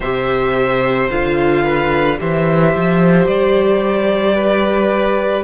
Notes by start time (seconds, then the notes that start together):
0.00 C3 G4 C5 E5
1.10 D3 F4 F5
1.63 B4
2.17 E3 G4 C5 E5
2.75 F3
3.26 G3 D5
4.35 B4